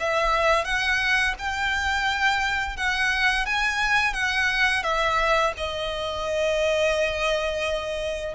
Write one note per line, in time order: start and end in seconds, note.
0.00 0.65 E5
0.65 1.34 F#5
1.38 2.77 G5
2.77 3.46 F#5
3.46 4.13 G#5
4.13 4.83 F#5
4.83 5.53 E5
5.57 8.34 D#5